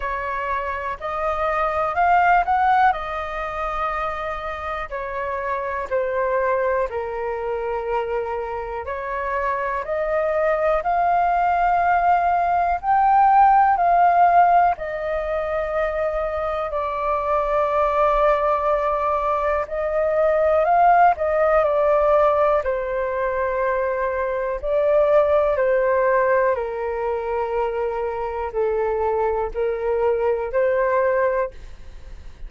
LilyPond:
\new Staff \with { instrumentName = "flute" } { \time 4/4 \tempo 4 = 61 cis''4 dis''4 f''8 fis''8 dis''4~ | dis''4 cis''4 c''4 ais'4~ | ais'4 cis''4 dis''4 f''4~ | f''4 g''4 f''4 dis''4~ |
dis''4 d''2. | dis''4 f''8 dis''8 d''4 c''4~ | c''4 d''4 c''4 ais'4~ | ais'4 a'4 ais'4 c''4 | }